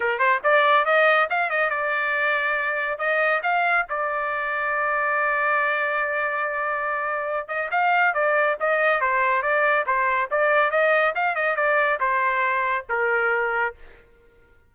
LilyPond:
\new Staff \with { instrumentName = "trumpet" } { \time 4/4 \tempo 4 = 140 ais'8 c''8 d''4 dis''4 f''8 dis''8 | d''2. dis''4 | f''4 d''2.~ | d''1~ |
d''4. dis''8 f''4 d''4 | dis''4 c''4 d''4 c''4 | d''4 dis''4 f''8 dis''8 d''4 | c''2 ais'2 | }